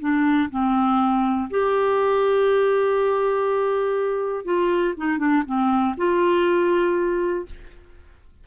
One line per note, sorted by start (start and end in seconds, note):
0.00 0.50 D4
0.51 1.50 C4
1.51 4.45 G4
4.45 4.95 F4
4.97 5.19 D#4
5.19 5.43 D4
5.46 5.96 C4
5.98 7.46 F4